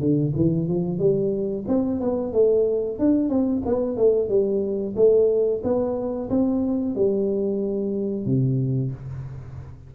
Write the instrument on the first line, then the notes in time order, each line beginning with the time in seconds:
tuba
0.00 D3
0.36 E3
0.68 F3
0.99 G3
1.68 C4
2.00 B3
2.33 A3
2.99 D4
3.29 C4
3.66 B3
3.97 A3
4.29 G3
4.96 A3
5.63 B3
6.30 C4
6.95 G3
8.26 C3